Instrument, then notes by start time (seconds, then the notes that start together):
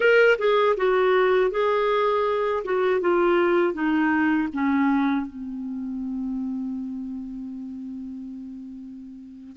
clarinet
0.00 A#4
0.38 G#4
0.76 F#4
1.50 G#4
2.64 F#4
3.00 F4
3.73 D#4
4.53 C#4
5.26 C4